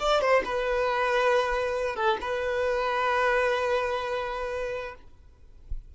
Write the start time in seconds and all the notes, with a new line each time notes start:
0.00 D5
0.21 C5
0.45 B4
1.96 A4
2.22 B4